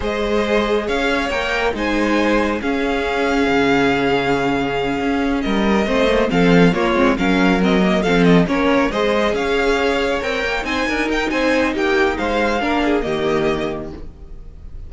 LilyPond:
<<
  \new Staff \with { instrumentName = "violin" } { \time 4/4 \tempo 4 = 138 dis''2 f''4 g''4 | gis''2 f''2~ | f''1~ | f''8 dis''2 f''4 cis''8~ |
cis''8 f''4 dis''4 f''8 dis''8 cis''8~ | cis''8 dis''4 f''2 g''8~ | g''8 gis''4 g''8 gis''4 g''4 | f''2 dis''2 | }
  \new Staff \with { instrumentName = "violin" } { \time 4/4 c''2 cis''2 | c''2 gis'2~ | gis'1~ | gis'8 ais'4 c''4 a'4 f'8~ |
f'8 ais'2 a'4 ais'8~ | ais'8 c''4 cis''2~ cis''8~ | cis''8 c''8 ais'4 c''4 g'4 | c''4 ais'8 gis'8 g'2 | }
  \new Staff \with { instrumentName = "viola" } { \time 4/4 gis'2. ais'4 | dis'2 cis'2~ | cis'1~ | cis'4. c'8 ais8 c'4 ais8 |
c'8 cis'4 c'8 ais8 c'4 cis'8~ | cis'8 gis'2. ais'8~ | ais'8 dis'2.~ dis'8~ | dis'4 d'4 ais2 | }
  \new Staff \with { instrumentName = "cello" } { \time 4/4 gis2 cis'4 ais4 | gis2 cis'2 | cis2.~ cis8 cis'8~ | cis'8 g4 a4 f4 ais8 |
gis8 fis2 f4 ais8~ | ais8 gis4 cis'2 c'8 | ais8 c'8 d'8 dis'8 c'4 ais4 | gis4 ais4 dis2 | }
>>